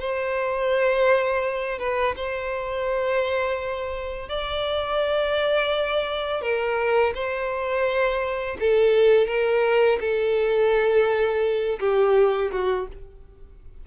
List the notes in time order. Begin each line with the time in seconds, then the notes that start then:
0.00 C5
1.79 B4
2.16 C5
4.29 D5
6.42 A#4
7.14 C5
8.60 A4
9.27 A#4
10.00 A4
11.80 G4
12.51 F#4